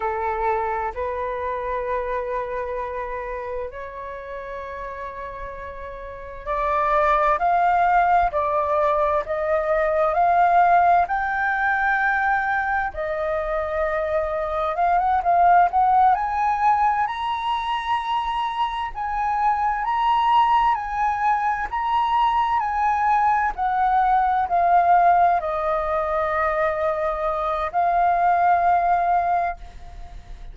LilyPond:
\new Staff \with { instrumentName = "flute" } { \time 4/4 \tempo 4 = 65 a'4 b'2. | cis''2. d''4 | f''4 d''4 dis''4 f''4 | g''2 dis''2 |
f''16 fis''16 f''8 fis''8 gis''4 ais''4.~ | ais''8 gis''4 ais''4 gis''4 ais''8~ | ais''8 gis''4 fis''4 f''4 dis''8~ | dis''2 f''2 | }